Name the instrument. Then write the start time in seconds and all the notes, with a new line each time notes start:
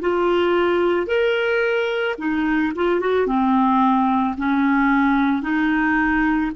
clarinet
0.00 F4
1.06 A#4
2.18 D#4
2.75 F4
3.00 F#4
3.26 C4
4.37 C#4
5.42 D#4